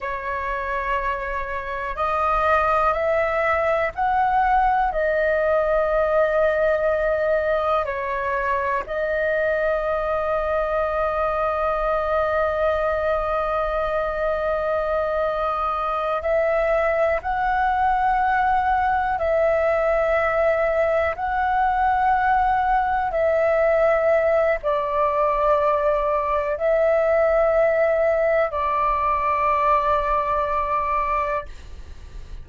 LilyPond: \new Staff \with { instrumentName = "flute" } { \time 4/4 \tempo 4 = 61 cis''2 dis''4 e''4 | fis''4 dis''2. | cis''4 dis''2.~ | dis''1~ |
dis''8 e''4 fis''2 e''8~ | e''4. fis''2 e''8~ | e''4 d''2 e''4~ | e''4 d''2. | }